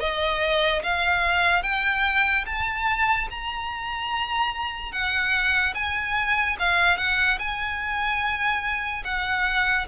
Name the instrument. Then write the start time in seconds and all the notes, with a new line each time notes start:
violin
0.00 D#5
0.83 F5
1.63 G5
2.46 A5
3.31 A#5
4.92 F#5
5.75 G#5
6.59 F5
6.98 F#5
7.39 G#5
9.04 F#5